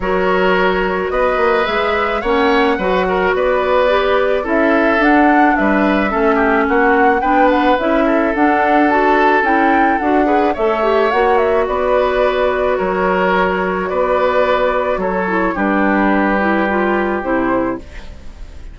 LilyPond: <<
  \new Staff \with { instrumentName = "flute" } { \time 4/4 \tempo 4 = 108 cis''2 dis''4 e''4 | fis''2 d''2 | e''4 fis''4 e''2 | fis''4 g''8 fis''8 e''4 fis''4 |
a''4 g''4 fis''4 e''4 | fis''8 e''8 d''2 cis''4~ | cis''4 d''2 cis''4 | b'2. c''4 | }
  \new Staff \with { instrumentName = "oboe" } { \time 4/4 ais'2 b'2 | cis''4 b'8 ais'8 b'2 | a'2 b'4 a'8 g'8 | fis'4 b'4. a'4.~ |
a'2~ a'8 b'8 cis''4~ | cis''4 b'2 ais'4~ | ais'4 b'2 a'4 | g'1 | }
  \new Staff \with { instrumentName = "clarinet" } { \time 4/4 fis'2. gis'4 | cis'4 fis'2 g'4 | e'4 d'2 cis'4~ | cis'4 d'4 e'4 d'4 |
fis'4 e'4 fis'8 gis'8 a'8 g'8 | fis'1~ | fis'2.~ fis'8 e'8 | d'4. e'8 f'4 e'4 | }
  \new Staff \with { instrumentName = "bassoon" } { \time 4/4 fis2 b8 ais8 gis4 | ais4 fis4 b2 | cis'4 d'4 g4 a4 | ais4 b4 cis'4 d'4~ |
d'4 cis'4 d'4 a4 | ais4 b2 fis4~ | fis4 b2 fis4 | g2. c4 | }
>>